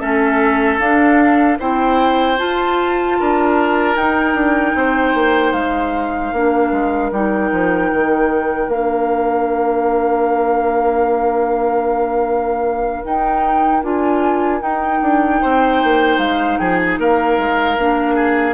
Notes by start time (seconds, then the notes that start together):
0.00 A3 C#4 A4 E5
0.79 D4 F5
1.59 C4 E4 C5 G5
2.38 F4 A5
3.19 D4 A#4
3.96 D#4 G5
4.34 D4
4.75 C4 C5
5.14 A#3
5.53 G#3 F5
6.33 A#3 D4 A#4
6.72 G#3
7.12 G3 D#4 G5
7.52 F3
7.93 D#3
8.68 A#3 D4 F5
13.04 D#4 G5
13.83 D4 F4 G#5
14.60 D#4 G5
15.02 D4
15.41 C4 C5
15.83 A#3
16.18 G#3 F5
16.58 F3 G#4 G5
16.78 G#5
16.99 A#3 A#4 F5
17.38 G#3
17.78 A#3 D4
18.15 G#4